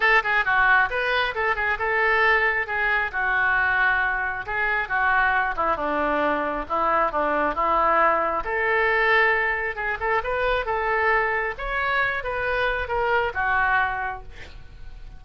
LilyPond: \new Staff \with { instrumentName = "oboe" } { \time 4/4 \tempo 4 = 135 a'8 gis'8 fis'4 b'4 a'8 gis'8 | a'2 gis'4 fis'4~ | fis'2 gis'4 fis'4~ | fis'8 e'8 d'2 e'4 |
d'4 e'2 a'4~ | a'2 gis'8 a'8 b'4 | a'2 cis''4. b'8~ | b'4 ais'4 fis'2 | }